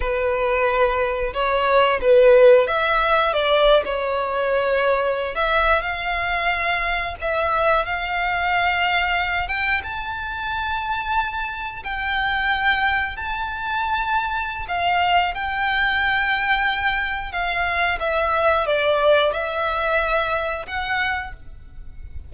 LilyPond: \new Staff \with { instrumentName = "violin" } { \time 4/4 \tempo 4 = 90 b'2 cis''4 b'4 | e''4 d''8. cis''2~ cis''16 | e''8. f''2 e''4 f''16~ | f''2~ f''16 g''8 a''4~ a''16~ |
a''4.~ a''16 g''2 a''16~ | a''2 f''4 g''4~ | g''2 f''4 e''4 | d''4 e''2 fis''4 | }